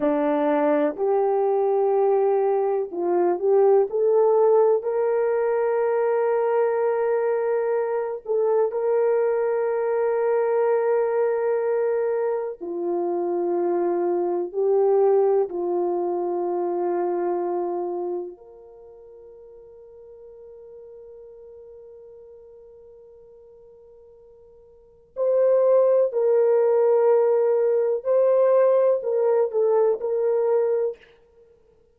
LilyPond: \new Staff \with { instrumentName = "horn" } { \time 4/4 \tempo 4 = 62 d'4 g'2 f'8 g'8 | a'4 ais'2.~ | ais'8 a'8 ais'2.~ | ais'4 f'2 g'4 |
f'2. ais'4~ | ais'1~ | ais'2 c''4 ais'4~ | ais'4 c''4 ais'8 a'8 ais'4 | }